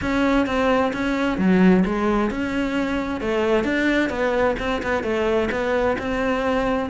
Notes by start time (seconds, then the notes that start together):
0.01 C#4
0.46 C4
0.93 C#4
1.38 F#3
1.85 G#3
2.30 C#4
3.20 A3
3.63 D4
4.09 B3
4.59 C4
4.82 B3
5.03 A3
5.51 B3
5.98 C4